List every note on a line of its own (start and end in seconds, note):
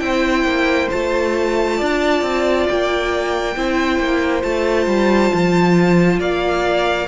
0.00 0.44 C4
0.00 0.88 E4
0.00 1.78 C5
0.00 0.89 G5
0.44 0.88 A#3
0.91 1.81 A3
0.91 3.55 F4
0.91 2.67 A5
1.78 2.22 D4
1.78 3.54 D5
2.22 2.66 C4
2.69 3.56 A#3
2.69 4.43 G5
3.56 3.99 C4
3.56 4.42 E4
3.56 6.20 C5
3.99 4.43 A#3
4.42 4.86 A3
4.42 7.07 F4
4.42 6.19 A5
4.86 5.31 G3
5.34 6.20 F3
6.20 7.08 A#3
6.20 7.08 D5
6.20 7.08 F5